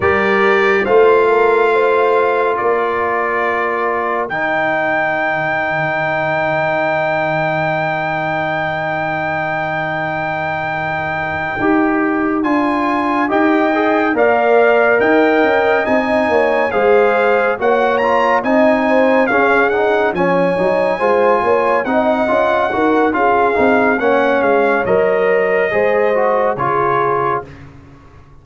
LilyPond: <<
  \new Staff \with { instrumentName = "trumpet" } { \time 4/4 \tempo 4 = 70 d''4 f''2 d''4~ | d''4 g''2.~ | g''1~ | g''2~ g''8 gis''4 g''8~ |
g''8 f''4 g''4 gis''4 f''8~ | f''8 fis''8 ais''8 gis''4 f''8 fis''8 gis''8~ | gis''4. fis''4. f''4 | fis''8 f''8 dis''2 cis''4 | }
  \new Staff \with { instrumentName = "horn" } { \time 4/4 ais'4 c''8 ais'8 c''4 ais'4~ | ais'1~ | ais'1~ | ais'2.~ ais'8 dis''8~ |
dis''8 d''4 dis''4. cis''8 c''8~ | c''8 cis''4 dis''8 c''8 gis'4 cis''8~ | cis''8 c''8 cis''8 dis''4 ais'8 gis'4 | cis''2 c''4 gis'4 | }
  \new Staff \with { instrumentName = "trombone" } { \time 4/4 g'4 f'2.~ | f'4 dis'2.~ | dis'1~ | dis'4. g'4 f'4 g'8 |
gis'8 ais'2 dis'4 gis'8~ | gis'8 fis'8 f'8 dis'4 cis'8 dis'8 cis'8 | dis'8 f'4 dis'8 f'8 fis'8 f'8 dis'8 | cis'4 ais'4 gis'8 fis'8 f'4 | }
  \new Staff \with { instrumentName = "tuba" } { \time 4/4 g4 a2 ais4~ | ais4 dis2.~ | dis1~ | dis4. dis'4 d'4 dis'8~ |
dis'8 ais4 dis'8 cis'8 c'8 ais8 gis8~ | gis8 ais4 c'4 cis'4 f8 | fis8 gis8 ais8 c'8 cis'8 dis'8 cis'8 c'8 | ais8 gis8 fis4 gis4 cis4 | }
>>